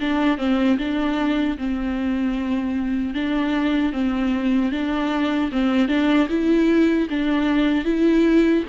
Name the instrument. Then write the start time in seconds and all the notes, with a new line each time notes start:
viola
0.00 D4
0.38 C4
0.78 D4
1.58 C4
3.14 D4
3.93 C4
4.72 D4
5.52 C4
5.88 D4
6.29 E4
7.10 D4
7.84 E4